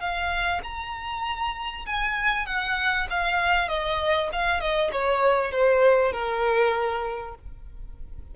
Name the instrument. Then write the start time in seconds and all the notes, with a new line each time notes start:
violin
0.00 F5
0.63 A#5
1.86 G#5
2.46 F#5
3.10 F5
3.68 D#5
4.32 F5
4.60 D#5
4.92 C#5
5.52 C5
6.13 A#4